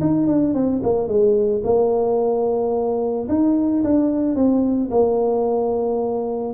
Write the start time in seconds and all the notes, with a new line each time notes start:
0.00 D#4
0.27 D4
0.54 C4
0.83 A#3
1.08 G#3
1.63 A#3
3.28 D#4
3.83 D4
4.35 C4
4.90 A#3